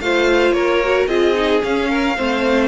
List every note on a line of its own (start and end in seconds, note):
0.00 0.51 A3
0.00 0.83 F4
0.00 0.55 C5
0.00 0.52 F5
0.51 1.06 A#3
0.51 1.09 A#4
0.51 1.06 C#5
0.83 1.08 F#4
1.06 1.61 C4
1.06 1.34 F4
1.06 1.89 G#4
1.06 1.60 D#5
1.34 1.61 D#4
1.61 2.16 C#4
1.61 2.18 C#4
1.61 2.68 F5
1.89 2.16 A#4
2.16 2.68 A3
2.16 2.68 C4
2.16 2.68 C5